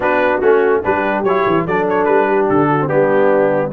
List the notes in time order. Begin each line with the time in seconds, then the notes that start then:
0.00 B3 D4 F#4 B4
0.40 A3 C#4 F#4
0.83 G3 D4 G4 B4
1.23 F#3 E4 C#5
1.46 E3
1.65 F#3 D4 A4 D5
1.89 C#5
2.04 G3 B4
2.27 G4
2.49 D3 A4
2.69 F#4
2.80 C4
2.87 G3 B3 D4 G4